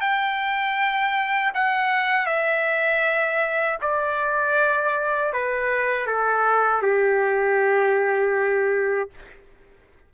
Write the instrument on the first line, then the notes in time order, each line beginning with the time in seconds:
trumpet
0.00 G5
1.54 F#5
2.26 E5
3.81 D5
5.32 B4
6.06 A4
6.81 G4